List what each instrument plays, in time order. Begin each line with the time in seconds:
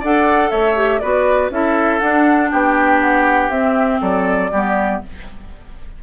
0.00 bassoon D4, clarinet A4, oboe D5, flute F#5
0.50 bassoon A3, oboe C#5, flute E5
0.76 clarinet G4
1.00 bassoon B3, clarinet F#4, oboe B4, flute D5
1.50 bassoon C#4, clarinet E4, oboe A4, flute E5
1.99 clarinet D4, bassoon D4, flute F#5
2.50 bassoon B3, oboe G4, flute G5
3.01 flute F#5
3.50 bassoon C4, clarinet C4, flute E5
4.01 bassoon F#3, oboe A4, flute D5
4.52 bassoon G3, clarinet B3, oboe G4